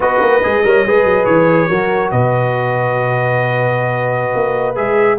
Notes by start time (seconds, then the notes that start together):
0.00 B3 F#4 B4 D#5
0.20 A#3
0.43 G#3 G#4
0.64 G3 A#4 C#5
0.86 G#3 G#4 B4
1.04 F#3
1.25 E3 C#5
1.69 F#3 F#4 A#4
2.11 B2 B4 D#5
4.35 A#3
4.75 G#3 G#4 E5